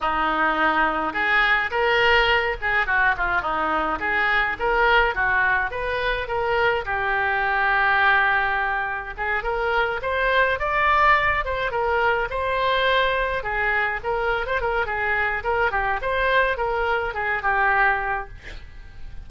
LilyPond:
\new Staff \with { instrumentName = "oboe" } { \time 4/4 \tempo 4 = 105 dis'2 gis'4 ais'4~ | ais'8 gis'8 fis'8 f'8 dis'4 gis'4 | ais'4 fis'4 b'4 ais'4 | g'1 |
gis'8 ais'4 c''4 d''4. | c''8 ais'4 c''2 gis'8~ | gis'8 ais'8. c''16 ais'8 gis'4 ais'8 g'8 | c''4 ais'4 gis'8 g'4. | }